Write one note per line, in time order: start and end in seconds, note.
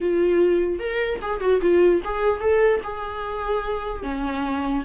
0.00 0.79 F4
0.79 1.19 A#4
1.21 1.40 G#4
1.40 1.60 F#4
1.61 2.01 F4
2.04 2.40 G#4
2.40 2.80 A4
2.83 4.03 G#4
4.03 4.83 C#4